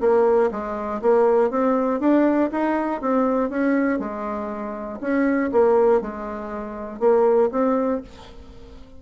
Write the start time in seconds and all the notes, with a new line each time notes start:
0.00 A#3
0.51 G#3
1.01 A#3
1.50 C4
2.00 D4
2.51 D#4
3.01 C4
3.49 C#4
3.99 G#3
5.00 C#4
5.52 A#3
6.01 G#3
6.99 A#3
7.51 C4